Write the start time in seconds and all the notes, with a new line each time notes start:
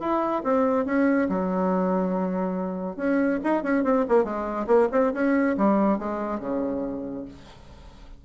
0.00 E4
0.44 C4
0.86 C#4
1.29 F#3
2.97 C#4
3.44 D#4
3.63 C#4
3.84 C4
4.09 A#3
4.24 G#3
4.67 A#3
4.92 C4
5.14 C#4
5.58 G3
5.99 G#3
6.40 C#3